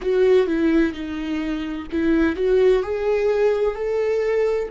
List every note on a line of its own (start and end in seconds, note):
0.01 0.46 F#4
0.46 0.93 E4
0.93 1.87 D#4
1.91 2.36 E4
2.36 2.83 F#4
2.83 3.75 G#4
3.75 4.69 A4